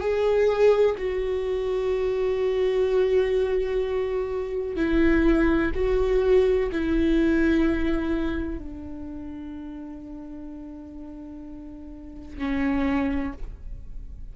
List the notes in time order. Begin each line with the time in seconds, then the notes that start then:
0.00 G#4
0.97 F#4
4.76 E4
5.74 F#4
6.71 E4
8.58 D4
12.37 C#4